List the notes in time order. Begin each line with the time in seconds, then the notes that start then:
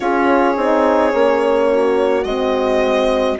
0.00 C#4 F4 G#4 C#5
0.56 C4 D#4
1.11 A#3 C#4
1.72 F#4
2.24 G#3 C4 D#5